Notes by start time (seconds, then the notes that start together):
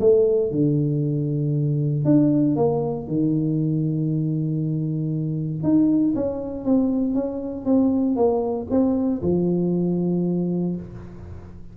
0.00 A3
0.51 D3
2.05 D4
2.56 A#3
3.07 D#3
5.63 D#4
6.15 C#4
6.65 C4
7.14 C#4
7.65 C4
8.16 A#3
8.70 C4
9.22 F3